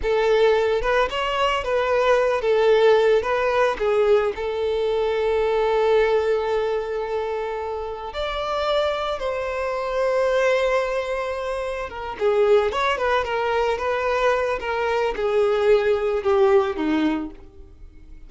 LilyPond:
\new Staff \with { instrumentName = "violin" } { \time 4/4 \tempo 4 = 111 a'4. b'8 cis''4 b'4~ | b'8 a'4. b'4 gis'4 | a'1~ | a'2. d''4~ |
d''4 c''2.~ | c''2 ais'8 gis'4 cis''8 | b'8 ais'4 b'4. ais'4 | gis'2 g'4 dis'4 | }